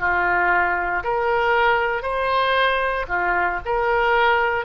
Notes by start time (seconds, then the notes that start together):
0.00 F4
1.04 A#4
2.03 C5
3.08 F4
3.65 A#4